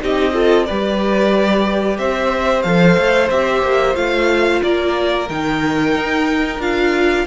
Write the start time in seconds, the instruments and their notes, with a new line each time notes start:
0.00 cello C4, viola D#4, violin G4 D#5
0.33 viola F4, violin A4
0.65 cello G3, viola G4, violin B4 D5
1.98 cello C4, violin C5 E5
2.62 cello F3, viola A4, violin F5
2.97 cello A3
3.30 cello C4, viola G4, violin E5
3.62 cello A#3
3.94 cello A3, viola F4, violin F5
4.62 cello A#3, violin A#4 D5
5.29 cello D#3, viola D#4, violin G5
5.95 cello D#4
6.58 cello D4, viola F4, violin F5